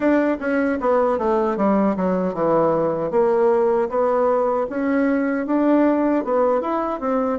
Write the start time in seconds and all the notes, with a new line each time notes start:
0.00 D4
0.40 C#4
0.80 B3
1.18 A3
1.57 G3
1.96 F#3
2.34 E3
3.10 A#3
3.89 B3
4.69 C#4
5.46 D4
6.24 B3
6.61 E4
7.00 C4